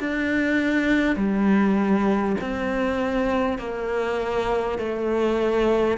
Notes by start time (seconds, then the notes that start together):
0.00 D4
1.16 G3
2.41 C4
3.59 A#3
4.79 A3